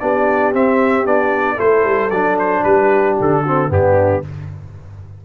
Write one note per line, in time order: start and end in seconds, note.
0.00 0.54 B3
0.00 0.53 D4
0.00 1.56 G4
0.00 0.53 D5
0.53 1.06 C4
0.53 1.06 E5
1.06 1.59 B3
1.06 1.57 D4
1.06 1.60 D5
1.56 1.84 A3
1.56 2.10 E4
1.56 2.63 A4
1.56 2.11 C5
1.84 2.10 G3
2.10 2.63 F#3
2.10 3.46 D4
2.10 2.37 D5
2.39 2.63 C5
2.63 3.17 G3
2.63 3.44 G4
2.63 3.17 B4
3.20 3.70 D3
3.20 3.72 A4
3.44 3.69 C4
3.44 3.70 F#4
3.69 4.23 G2
3.69 4.22 B3
3.69 4.25 D4
3.69 4.25 G4